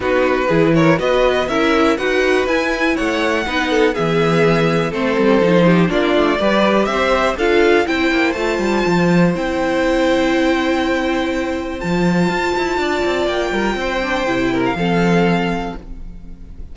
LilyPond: <<
  \new Staff \with { instrumentName = "violin" } { \time 4/4 \tempo 4 = 122 b'4. cis''8 dis''4 e''4 | fis''4 gis''4 fis''2 | e''2 c''2 | d''2 e''4 f''4 |
g''4 a''2 g''4~ | g''1 | a''2. g''4~ | g''4.~ g''16 f''2~ f''16 | }
  \new Staff \with { instrumentName = "violin" } { \time 4/4 fis'4 gis'8 ais'8 b'4 ais'4 | b'2 cis''4 b'8 a'8 | gis'2 a'4. g'8 | f'4 b'4 c''4 a'4 |
c''1~ | c''1~ | c''2 d''4. ais'8 | c''4. ais'8 a'2 | }
  \new Staff \with { instrumentName = "viola" } { \time 4/4 dis'4 e'4 fis'4 e'4 | fis'4 e'2 dis'4 | b2 c'4 dis'4 | d'4 g'2 f'4 |
e'4 f'2 e'4~ | e'1 | f'1~ | f'8 d'8 e'4 c'2 | }
  \new Staff \with { instrumentName = "cello" } { \time 4/4 b4 e4 b4 cis'4 | dis'4 e'4 a4 b4 | e2 a8 g8 f4 | ais8 a8 g4 c'4 d'4 |
c'8 ais8 a8 g8 f4 c'4~ | c'1 | f4 f'8 e'8 d'8 c'8 ais8 g8 | c'4 c4 f2 | }
>>